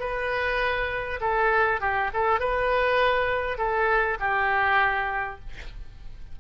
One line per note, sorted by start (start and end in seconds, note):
0.00 1.20 B4
1.21 1.81 A4
1.81 2.11 G4
2.14 2.40 A4
2.40 3.58 B4
3.58 4.18 A4
4.20 5.40 G4